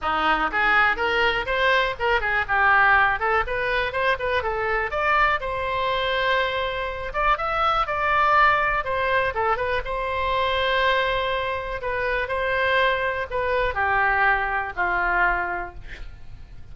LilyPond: \new Staff \with { instrumentName = "oboe" } { \time 4/4 \tempo 4 = 122 dis'4 gis'4 ais'4 c''4 | ais'8 gis'8 g'4. a'8 b'4 | c''8 b'8 a'4 d''4 c''4~ | c''2~ c''8 d''8 e''4 |
d''2 c''4 a'8 b'8 | c''1 | b'4 c''2 b'4 | g'2 f'2 | }